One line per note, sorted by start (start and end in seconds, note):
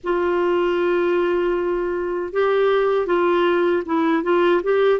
0.03 2.33 F4
2.33 3.06 G4
3.06 3.83 F4
3.85 4.23 E4
4.23 4.62 F4
4.63 4.99 G4